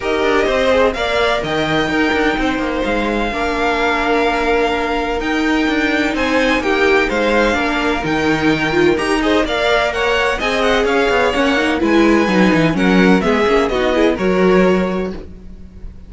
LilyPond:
<<
  \new Staff \with { instrumentName = "violin" } { \time 4/4 \tempo 4 = 127 dis''2 f''4 g''4~ | g''2 f''2~ | f''2. g''4~ | g''4 gis''4 g''4 f''4~ |
f''4 g''2 ais''8 dis''8 | f''4 fis''4 gis''8 fis''8 f''4 | fis''4 gis''2 fis''4 | e''4 dis''4 cis''2 | }
  \new Staff \with { instrumentName = "violin" } { \time 4/4 ais'4 c''4 d''4 dis''4 | ais'4 c''2 ais'4~ | ais'1~ | ais'4 c''4 g'4 c''4 |
ais'2.~ ais'8 c''8 | d''4 cis''4 dis''4 cis''4~ | cis''4 b'2 ais'4 | gis'4 fis'8 gis'8 ais'2 | }
  \new Staff \with { instrumentName = "viola" } { \time 4/4 g'4. gis'8 ais'2 | dis'2. d'4~ | d'2. dis'4~ | dis'1 |
d'4 dis'4. f'8 g'8 gis'8 | ais'2 gis'2 | cis'8 dis'8 e'4 dis'4 cis'4 | b8 cis'8 dis'8 e'8 fis'2 | }
  \new Staff \with { instrumentName = "cello" } { \time 4/4 dis'8 d'8 c'4 ais4 dis4 | dis'8 d'8 c'8 ais8 gis4 ais4~ | ais2. dis'4 | d'4 c'4 ais4 gis4 |
ais4 dis2 dis'4 | ais2 c'4 cis'8 b8 | ais4 gis4 fis8 e8 fis4 | gis8 ais8 b4 fis2 | }
>>